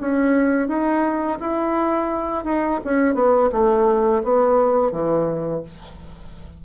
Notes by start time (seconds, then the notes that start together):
0.00 C#4
0.67 D#4
1.39 E4
2.44 D#4
2.84 C#4
3.14 B3
3.52 A3
4.23 B3
4.91 E3